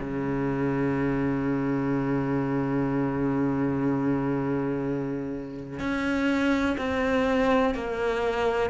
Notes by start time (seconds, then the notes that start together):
0.00 C#3
5.79 C#4
6.78 C4
7.75 A#3